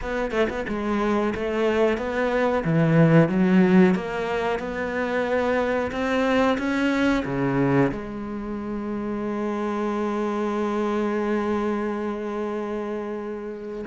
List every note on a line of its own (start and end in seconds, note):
0.01 0.31 B3
0.31 0.47 A3
0.49 0.66 B3
0.67 1.34 G#3
1.34 1.97 A3
1.97 2.63 B3
2.64 3.28 E3
3.28 3.94 F#3
3.94 4.59 A#3
4.59 5.91 B3
5.91 6.57 C4
6.58 7.23 C#4
7.25 7.91 C#3
7.91 13.85 G#3